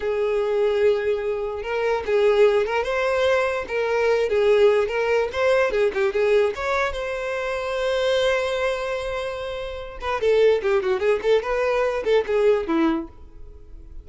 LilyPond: \new Staff \with { instrumentName = "violin" } { \time 4/4 \tempo 4 = 147 gis'1 | ais'4 gis'4. ais'8 c''4~ | c''4 ais'4. gis'4. | ais'4 c''4 gis'8 g'8 gis'4 |
cis''4 c''2.~ | c''1~ | c''8 b'8 a'4 g'8 fis'8 gis'8 a'8 | b'4. a'8 gis'4 e'4 | }